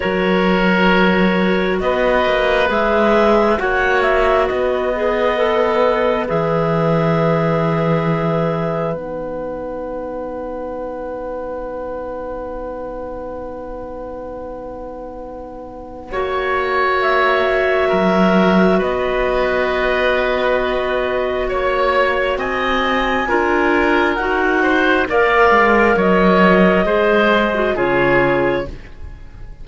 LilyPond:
<<
  \new Staff \with { instrumentName = "clarinet" } { \time 4/4 \tempo 4 = 67 cis''2 dis''4 e''4 | fis''8 e''8 dis''2 e''4~ | e''2 fis''2~ | fis''1~ |
fis''2. e''4~ | e''4 dis''2. | cis''4 gis''2 fis''4 | f''4 dis''2 cis''4 | }
  \new Staff \with { instrumentName = "oboe" } { \time 4/4 ais'2 b'2 | cis''4 b'2.~ | b'1~ | b'1~ |
b'2 cis''2 | ais'4 b'2. | cis''4 dis''4 ais'4. c''8 | d''4 cis''4 c''4 gis'4 | }
  \new Staff \with { instrumentName = "clarinet" } { \time 4/4 fis'2. gis'4 | fis'4. gis'8 a'4 gis'4~ | gis'2 dis'2~ | dis'1~ |
dis'2 fis'2~ | fis'1~ | fis'2 f'4 fis'4 | ais'2 gis'8. fis'16 f'4 | }
  \new Staff \with { instrumentName = "cello" } { \time 4/4 fis2 b8 ais8 gis4 | ais4 b2 e4~ | e2 b2~ | b1~ |
b2 ais2 | fis4 b2. | ais4 c'4 d'4 dis'4 | ais8 gis8 fis4 gis4 cis4 | }
>>